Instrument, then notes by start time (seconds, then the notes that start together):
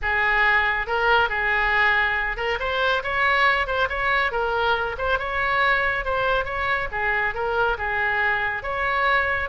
oboe
0.02 G#4
0.86 A#4
1.29 G#4
2.36 A#4
2.59 C5
3.03 C#5
3.67 C5
3.89 C#5
4.31 A#4
4.98 C5
5.18 C#5
6.04 C5
6.44 C#5
6.91 G#4
7.34 A#4
7.78 G#4
8.62 C#5